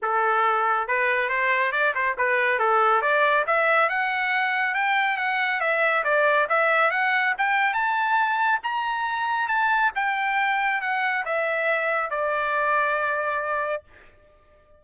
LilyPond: \new Staff \with { instrumentName = "trumpet" } { \time 4/4 \tempo 4 = 139 a'2 b'4 c''4 | d''8 c''8 b'4 a'4 d''4 | e''4 fis''2 g''4 | fis''4 e''4 d''4 e''4 |
fis''4 g''4 a''2 | ais''2 a''4 g''4~ | g''4 fis''4 e''2 | d''1 | }